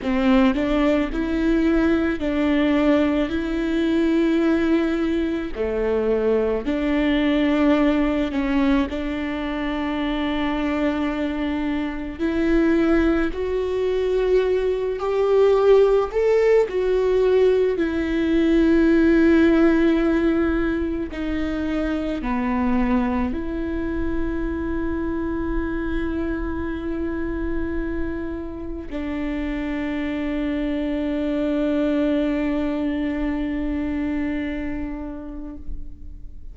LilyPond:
\new Staff \with { instrumentName = "viola" } { \time 4/4 \tempo 4 = 54 c'8 d'8 e'4 d'4 e'4~ | e'4 a4 d'4. cis'8 | d'2. e'4 | fis'4. g'4 a'8 fis'4 |
e'2. dis'4 | b4 e'2.~ | e'2 d'2~ | d'1 | }